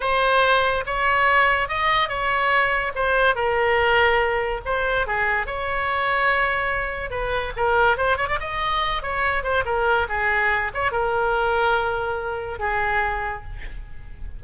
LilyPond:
\new Staff \with { instrumentName = "oboe" } { \time 4/4 \tempo 4 = 143 c''2 cis''2 | dis''4 cis''2 c''4 | ais'2. c''4 | gis'4 cis''2.~ |
cis''4 b'4 ais'4 c''8 cis''16 d''16 | dis''4. cis''4 c''8 ais'4 | gis'4. cis''8 ais'2~ | ais'2 gis'2 | }